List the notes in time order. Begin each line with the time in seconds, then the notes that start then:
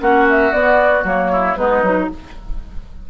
0.00 A#3 C#4 F#4 F#5
0.30 E5
0.52 B3 D5
1.04 F#3 A#3 C#5
1.31 E4
1.56 G#3 B3 D#4 B4
1.82 F#3 D#4